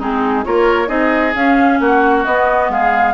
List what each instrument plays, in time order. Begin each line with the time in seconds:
0.00 bassoon G#3, clarinet C4, oboe D#4, flute G#4
0.45 bassoon A#3, clarinet F4, oboe A#4, flute C#5
0.88 bassoon C4, clarinet D#4, oboe G#4, flute D#5
1.36 bassoon C#4, clarinet C#4, flute F5
1.80 bassoon A#3, oboe F#4, flute F#5
2.25 bassoon B3, clarinet B3, flute D#5
2.70 bassoon G#3, oboe G#4, flute F5